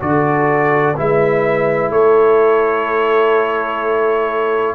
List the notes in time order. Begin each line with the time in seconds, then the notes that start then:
0.00 D3 F#4 A4 D5
0.97 G#3 E4 B4 E5
1.90 A3 A4 C#5